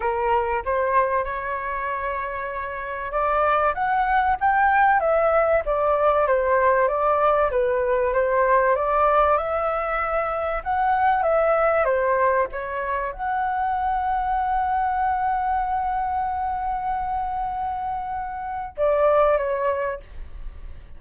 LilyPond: \new Staff \with { instrumentName = "flute" } { \time 4/4 \tempo 4 = 96 ais'4 c''4 cis''2~ | cis''4 d''4 fis''4 g''4 | e''4 d''4 c''4 d''4 | b'4 c''4 d''4 e''4~ |
e''4 fis''4 e''4 c''4 | cis''4 fis''2.~ | fis''1~ | fis''2 d''4 cis''4 | }